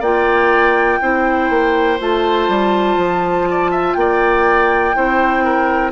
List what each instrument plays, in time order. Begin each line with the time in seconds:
0.00 bassoon A#3, clarinet F4, oboe D5, flute G5
1.01 bassoon C4, clarinet E4, oboe C5
1.50 bassoon A#3
1.99 bassoon A3, clarinet F4, flute A5
2.49 bassoon G3
2.97 bassoon F3
3.50 oboe D5
3.71 oboe E5
3.94 bassoon A#3, flute G5
4.00 oboe D5
4.94 bassoon C4, clarinet E4, oboe C5
5.44 oboe A#4